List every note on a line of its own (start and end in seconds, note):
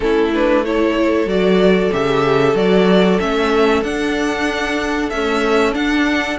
0.00 1.26 A3
0.00 0.31 C#4
0.00 0.66 E4
0.00 0.32 A4
0.34 0.64 D4
0.34 0.65 B4
0.64 1.26 E4
0.64 6.39 A4
0.64 1.28 C#5
1.26 1.90 F#3
1.26 1.90 F#4
1.26 1.92 D5
1.91 2.54 C#3
1.91 2.55 G4
1.91 2.56 E5
2.54 3.18 F#3
2.54 3.19 F#4
2.54 3.19 D5
3.19 3.82 A3
3.19 3.83 C#4
3.19 3.83 E5
3.82 5.10 D4
3.82 5.12 D4
3.82 5.09 F#5
5.09 5.72 A3
5.09 5.75 C#4
5.09 5.73 E5
5.72 6.36 D4
5.72 6.39 D4
5.72 6.38 F#5